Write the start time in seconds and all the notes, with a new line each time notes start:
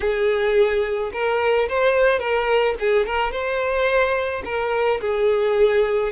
0.00 G#4
1.12 A#4
1.68 C5
2.19 A#4
2.79 G#4
3.06 A#4
3.31 C5
4.44 A#4
5.01 G#4